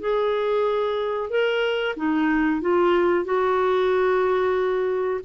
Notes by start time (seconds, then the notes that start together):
0.00 G#4
1.30 A#4
1.96 D#4
2.61 F4
3.25 F#4